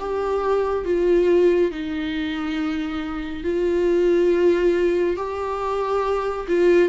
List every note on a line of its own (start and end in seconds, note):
0.00 0.85 G4
0.85 1.72 F4
1.72 3.44 D#4
3.44 5.17 F4
5.17 6.47 G4
6.48 6.90 F4